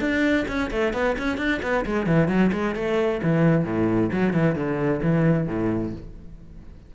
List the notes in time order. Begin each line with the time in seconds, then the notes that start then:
0.00 D4
0.48 C#4
0.70 A3
0.93 B3
1.18 C#4
1.37 D4
1.62 B3
1.85 G#3
2.06 E3
2.28 F#3
2.52 G#3
2.75 A3
3.22 E3
3.64 A2
4.12 F#3
4.33 E3
4.55 D3
5.02 E3
5.47 A2